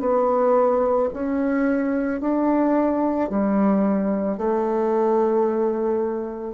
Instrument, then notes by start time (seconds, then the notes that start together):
bassoon
0.00 B3
1.13 C#4
2.20 D4
3.29 G3
4.37 A3